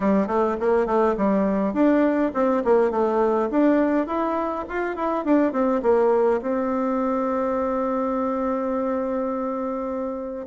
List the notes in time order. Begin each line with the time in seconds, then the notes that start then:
0.00 G3
0.27 A3
0.60 A#3
0.86 A3
1.17 G3
1.73 D4
2.34 C4
2.64 A#3
2.90 A3
3.50 D4
4.06 E4
4.68 F4
4.96 E4
5.24 D4
5.52 C4
5.82 A#3
6.41 C4